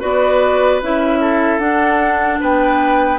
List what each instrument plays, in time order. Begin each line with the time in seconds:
0.00 bassoon B3, clarinet F#4, oboe B4, flute D5
0.82 bassoon C#4, clarinet E4, flute E5
1.21 oboe A4
1.59 bassoon D4, clarinet D4, flute F#5
2.40 bassoon B3, oboe B4, flute G5